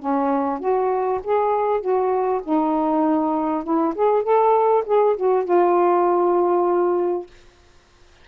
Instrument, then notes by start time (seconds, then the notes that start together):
saxophone
0.00 C#4
0.60 F#4
1.24 G#4
1.81 F#4
2.44 D#4
3.64 E4
3.95 G#4
4.23 A4
4.86 G#4
5.17 F#4
5.45 F4